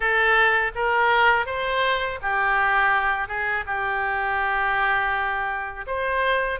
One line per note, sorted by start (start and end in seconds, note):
0.00 0.71 A4
0.75 1.46 A#4
1.46 2.19 C5
2.22 3.28 G4
3.28 3.64 G#4
3.66 5.85 G4
5.87 6.60 C5